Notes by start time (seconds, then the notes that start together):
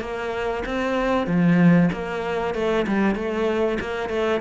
0.00 A#3
0.65 C4
1.26 F3
1.92 A#3
2.54 A3
2.87 G3
3.15 A3
3.80 A#3
4.09 A3